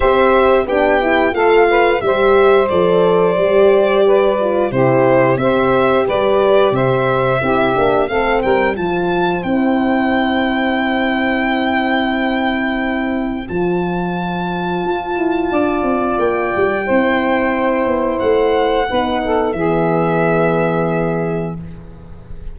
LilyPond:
<<
  \new Staff \with { instrumentName = "violin" } { \time 4/4 \tempo 4 = 89 e''4 g''4 f''4 e''4 | d''2. c''4 | e''4 d''4 e''2 | f''8 g''8 a''4 g''2~ |
g''1 | a''1 | g''2. fis''4~ | fis''4 e''2. | }
  \new Staff \with { instrumentName = "saxophone" } { \time 4/4 c''4 g'4 a'8 b'8 c''4~ | c''2 b'4 g'4 | c''4 b'4 c''4 g'4 | a'8 ais'8 c''2.~ |
c''1~ | c''2. d''4~ | d''4 c''2. | b'8 a'8 gis'2. | }
  \new Staff \with { instrumentName = "horn" } { \time 4/4 g'4 d'8 e'8 f'4 g'4 | a'4 g'4. f'8 e'4 | g'2. e'8 d'8 | c'4 f'4 e'2~ |
e'1 | f'1~ | f'4 e'2. | dis'4 b2. | }
  \new Staff \with { instrumentName = "tuba" } { \time 4/4 c'4 b4 a4 g4 | f4 g2 c4 | c'4 g4 c4 c'8 ais8 | a8 g8 f4 c'2~ |
c'1 | f2 f'8 e'8 d'8 c'8 | ais8 g8 c'4. b8 a4 | b4 e2. | }
>>